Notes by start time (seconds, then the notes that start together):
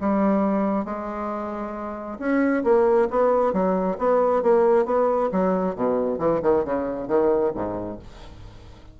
0.00 G3
0.85 G#3
2.19 C#4
2.64 A#3
3.10 B3
3.53 F#3
3.98 B3
4.42 A#3
4.85 B3
5.32 F#3
5.75 B2
6.19 E3
6.42 D#3
6.64 C#3
7.08 D#3
7.55 G#2